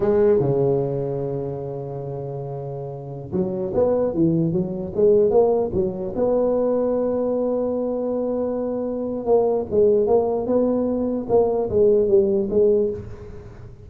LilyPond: \new Staff \with { instrumentName = "tuba" } { \time 4/4 \tempo 4 = 149 gis4 cis2.~ | cis1~ | cis16 fis4 b4 e4 fis8.~ | fis16 gis4 ais4 fis4 b8.~ |
b1~ | b2. ais4 | gis4 ais4 b2 | ais4 gis4 g4 gis4 | }